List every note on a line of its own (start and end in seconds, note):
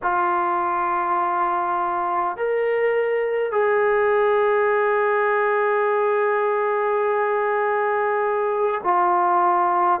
0.02 2.36 F4
2.36 3.51 A#4
3.51 8.81 G#4
8.83 10.00 F4